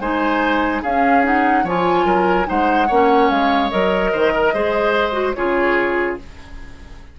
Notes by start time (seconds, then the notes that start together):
0.00 G#3 D#4 C5 G#5
0.83 C#4 G#4 F5
1.24 D#4 F#5
1.64 F3 F4 C#5 G#5
2.05 F#3 A#4
2.46 G#3 D#4 C5 F#5
2.88 A#3 C#4 C#5
3.30 G#3 F5
3.71 F#3 A#4 D#5
4.13 D#3 C5
4.34 A#4
4.54 G#3 G#4 C5
5.12 F#4
5.34 C#3 F4 G#4 C#5